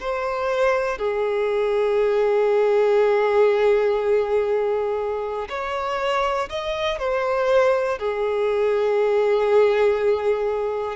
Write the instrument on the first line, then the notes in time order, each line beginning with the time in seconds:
violin
0.00 C5
0.98 G#4
5.49 C#5
6.49 D#5
6.99 C5
7.99 G#4